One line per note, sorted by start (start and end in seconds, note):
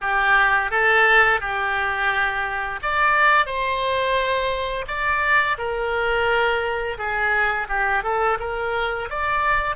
0.01 0.70 G4
0.70 1.40 A4
1.40 2.80 G4
2.82 3.46 D5
3.46 4.85 C5
4.87 5.57 D5
5.58 6.97 A#4
6.98 7.67 G#4
7.68 8.03 G4
8.03 8.38 A4
8.39 9.09 A#4
9.09 9.75 D5